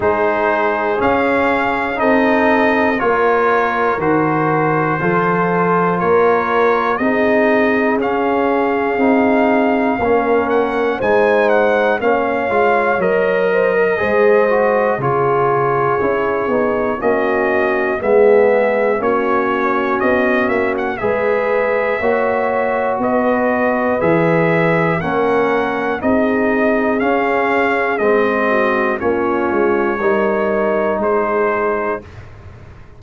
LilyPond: <<
  \new Staff \with { instrumentName = "trumpet" } { \time 4/4 \tempo 4 = 60 c''4 f''4 dis''4 cis''4 | c''2 cis''4 dis''4 | f''2~ f''8 fis''8 gis''8 fis''8 | f''4 dis''2 cis''4~ |
cis''4 dis''4 e''4 cis''4 | dis''8 e''16 fis''16 e''2 dis''4 | e''4 fis''4 dis''4 f''4 | dis''4 cis''2 c''4 | }
  \new Staff \with { instrumentName = "horn" } { \time 4/4 gis'2 a'4 ais'4~ | ais'4 a'4 ais'4 gis'4~ | gis'2 ais'4 c''4 | cis''4. c''16 ais'16 c''4 gis'4~ |
gis'4 fis'4 gis'4 fis'4~ | fis'4 b'4 cis''4 b'4~ | b'4 ais'4 gis'2~ | gis'8 fis'8 f'4 ais'4 gis'4 | }
  \new Staff \with { instrumentName = "trombone" } { \time 4/4 dis'4 cis'4 dis'4 f'4 | fis'4 f'2 dis'4 | cis'4 dis'4 cis'4 dis'4 | cis'8 f'8 ais'4 gis'8 fis'8 f'4 |
e'8 dis'8 cis'4 b4 cis'4~ | cis'4 gis'4 fis'2 | gis'4 cis'4 dis'4 cis'4 | c'4 cis'4 dis'2 | }
  \new Staff \with { instrumentName = "tuba" } { \time 4/4 gis4 cis'4 c'4 ais4 | dis4 f4 ais4 c'4 | cis'4 c'4 ais4 gis4 | ais8 gis8 fis4 gis4 cis4 |
cis'8 b8 ais4 gis4 ais4 | b8 ais8 gis4 ais4 b4 | e4 ais4 c'4 cis'4 | gis4 ais8 gis8 g4 gis4 | }
>>